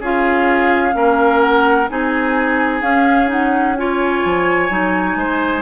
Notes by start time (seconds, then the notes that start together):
0.00 C#4 F4 G#4 F5
0.93 A#3 C#4 A#4
1.41 F#5
1.90 C4 D#4 G#4 G#5
2.81 C#4 F5
3.28 D#4 F#5
3.76 F4 C#5 G#5
4.25 F3
4.70 F#3 D#4
5.16 G#3 C5